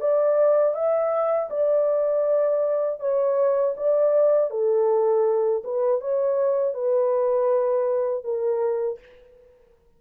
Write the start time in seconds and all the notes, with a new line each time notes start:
0.00 D5
0.74 E5
1.50 D5
3.00 C#5
3.77 D5
4.50 A4
5.64 B4
6.00 C#5
6.74 B4
8.24 A#4